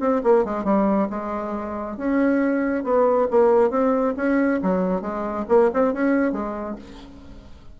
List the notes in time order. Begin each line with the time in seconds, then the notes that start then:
0.00 C4
0.24 A#3
0.45 G#3
0.64 G3
1.10 G#3
1.97 C#4
2.84 B3
3.31 A#3
3.70 C4
4.17 C#4
4.62 F#3
5.01 G#3
5.49 A#3
5.74 C4
5.94 C#4
6.32 G#3